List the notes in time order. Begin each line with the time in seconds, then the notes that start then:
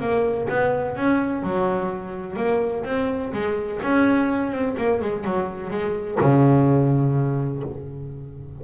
0.00 A#3
0.49 B3
0.97 C#4
1.43 F#3
2.37 A#3
2.84 C4
3.33 G#3
3.83 C#4
4.52 C4
4.78 A#3
5.01 G#3
5.24 F#3
5.71 G#3
6.21 C#3